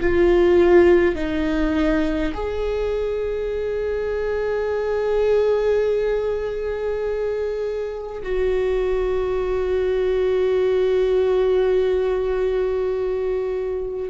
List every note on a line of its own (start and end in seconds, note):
0.00 1.15 F4
1.15 2.33 D#4
2.34 8.22 G#4
8.22 14.10 F#4